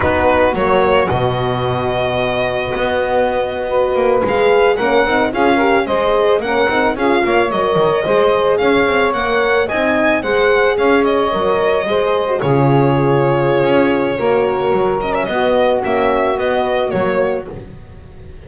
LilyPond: <<
  \new Staff \with { instrumentName = "violin" } { \time 4/4 \tempo 4 = 110 b'4 cis''4 dis''2~ | dis''2.~ dis''8. f''16~ | f''8. fis''4 f''4 dis''4 fis''16~ | fis''8. f''4 dis''2 f''16~ |
f''8. fis''4 gis''4 fis''4 f''16~ | f''16 dis''2~ dis''8 cis''4~ cis''16~ | cis''2.~ cis''8 dis''16 e''16 | dis''4 e''4 dis''4 cis''4 | }
  \new Staff \with { instrumentName = "saxophone" } { \time 4/4 fis'1~ | fis'2~ fis'8. b'4~ b'16~ | b'8. ais'4 gis'8 ais'8 c''4 ais'16~ | ais'8. gis'8 cis''4. c''4 cis''16~ |
cis''4.~ cis''16 dis''4 c''4 cis''16~ | cis''4.~ cis''16 c''4 gis'4~ gis'16~ | gis'2 ais'2 | fis'1 | }
  \new Staff \with { instrumentName = "horn" } { \time 4/4 dis'4 ais4 b2~ | b2~ b8. fis'4 gis'16~ | gis'8. cis'8 dis'8 f'8 g'8 gis'4 cis'16~ | cis'16 dis'8 f'4 ais'4 gis'4~ gis'16~ |
gis'8. ais'4 dis'4 gis'4~ gis'16~ | gis'8. ais'4 gis'8. fis'16 f'4~ f'16~ | f'2 fis'4. cis'8 | b4 cis'4 b4 ais4 | }
  \new Staff \with { instrumentName = "double bass" } { \time 4/4 b4 fis4 b,2~ | b,4 b2~ b16 ais8 gis16~ | gis8. ais8 c'8 cis'4 gis4 ais16~ | ais16 c'8 cis'8 ais8 fis8 dis8 gis4 cis'16~ |
cis'16 c'8 ais4 c'4 gis4 cis'16~ | cis'8. fis4 gis4 cis4~ cis16~ | cis4 cis'4 ais4 fis4 | b4 ais4 b4 fis4 | }
>>